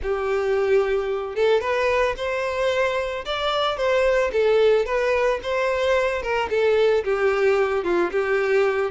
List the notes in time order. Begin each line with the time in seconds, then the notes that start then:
0.02 G4
1.35 A4
1.61 B4
2.16 C5
3.25 D5
3.77 C5
4.32 A4
4.85 B4
5.42 C5
6.22 A#4
6.49 A4
7.04 G4
7.84 F4
8.11 G4